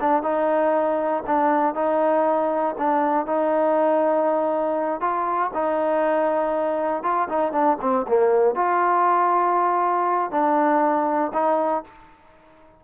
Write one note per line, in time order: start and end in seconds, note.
0.00 0.22 D4
0.22 1.23 D#4
1.26 1.74 D4
1.74 2.75 D#4
2.78 3.26 D4
3.26 5.00 D#4
5.00 5.51 F4
5.53 7.03 D#4
7.03 7.28 F4
7.29 7.52 D#4
7.52 7.77 D4
7.81 8.06 C4
8.07 8.55 A#3
8.55 10.31 F4
10.31 11.31 D4
11.33 11.84 D#4